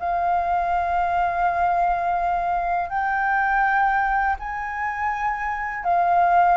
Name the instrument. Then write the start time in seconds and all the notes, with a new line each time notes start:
flute
0.00 F5
2.90 G5
4.40 G#5
5.84 F5